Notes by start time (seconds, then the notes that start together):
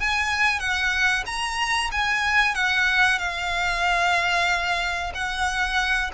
0.00 G#5
0.60 F#5
1.26 A#5
1.91 G#5
2.55 F#5
3.18 F5
5.14 F#5